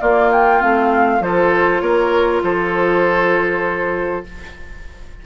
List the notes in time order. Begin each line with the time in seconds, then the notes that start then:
0.00 A#3 F4 D5
0.32 G5
0.59 A3 C4 F5
1.20 F3 F4 A4 C5
1.80 A#3 A#4 C#5
2.42 F3 A4 C5